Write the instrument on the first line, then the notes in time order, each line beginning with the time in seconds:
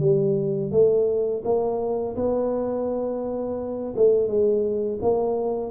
tuba
0.00 G3
0.71 A3
1.44 A#3
2.16 B3
3.96 A3
4.28 G#3
5.02 A#3